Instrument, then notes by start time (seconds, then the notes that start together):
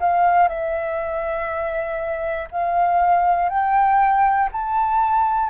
flute
0.00 F5
0.48 E5
2.51 F5
3.50 G5
4.52 A5